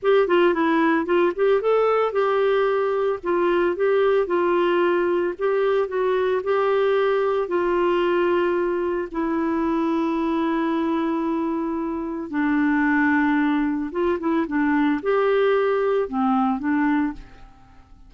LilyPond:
\new Staff \with { instrumentName = "clarinet" } { \time 4/4 \tempo 4 = 112 g'8 f'8 e'4 f'8 g'8 a'4 | g'2 f'4 g'4 | f'2 g'4 fis'4 | g'2 f'2~ |
f'4 e'2.~ | e'2. d'4~ | d'2 f'8 e'8 d'4 | g'2 c'4 d'4 | }